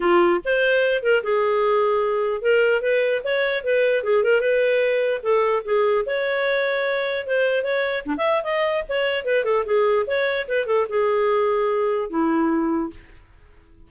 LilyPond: \new Staff \with { instrumentName = "clarinet" } { \time 4/4 \tempo 4 = 149 f'4 c''4. ais'8 gis'4~ | gis'2 ais'4 b'4 | cis''4 b'4 gis'8 ais'8 b'4~ | b'4 a'4 gis'4 cis''4~ |
cis''2 c''4 cis''4 | d'16 e''8. dis''4 cis''4 b'8 a'8 | gis'4 cis''4 b'8 a'8 gis'4~ | gis'2 e'2 | }